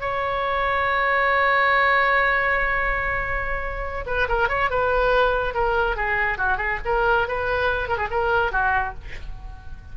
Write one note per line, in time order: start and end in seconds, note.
0.00 4.04 C#5
4.06 4.27 B4
4.28 4.49 A#4
4.49 4.70 C#5
4.70 5.54 B4
5.54 5.96 A#4
5.96 6.38 G#4
6.38 6.57 F#4
6.57 6.79 G#4
6.85 7.27 A#4
7.27 7.89 B4
7.89 7.97 A#4
7.97 8.08 G#4
8.11 8.51 A#4
8.51 8.94 F#4